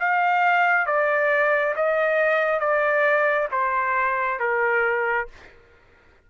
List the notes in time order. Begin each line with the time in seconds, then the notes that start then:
0.00 F5
0.87 D5
1.76 D#5
2.60 D5
3.52 C5
4.40 A#4